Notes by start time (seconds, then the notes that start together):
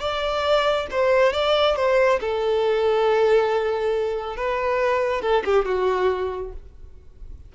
0.00 D5
0.91 C5
1.33 D5
1.76 C5
2.21 A4
4.37 B4
5.22 A4
5.45 G4
5.66 F#4